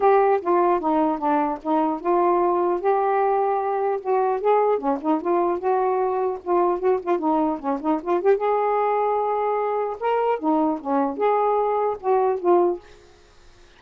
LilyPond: \new Staff \with { instrumentName = "saxophone" } { \time 4/4 \tempo 4 = 150 g'4 f'4 dis'4 d'4 | dis'4 f'2 g'4~ | g'2 fis'4 gis'4 | cis'8 dis'8 f'4 fis'2 |
f'4 fis'8 f'8 dis'4 cis'8 dis'8 | f'8 g'8 gis'2.~ | gis'4 ais'4 dis'4 cis'4 | gis'2 fis'4 f'4 | }